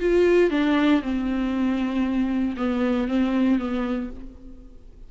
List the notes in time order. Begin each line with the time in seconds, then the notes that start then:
0.00 F4
0.50 D4
1.02 C4
2.57 B3
3.08 C4
3.59 B3